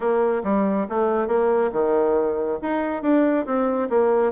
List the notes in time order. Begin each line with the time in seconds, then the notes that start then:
0.00 A#3
0.43 G3
0.89 A3
1.27 A#3
1.72 D#3
2.62 D#4
3.02 D4
3.45 C4
3.89 A#3